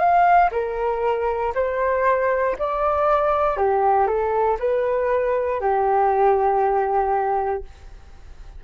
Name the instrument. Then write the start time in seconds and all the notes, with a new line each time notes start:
flute
0.00 F5
0.52 A#4
1.55 C5
2.59 D5
3.57 G4
4.08 A4
4.60 B4
5.61 G4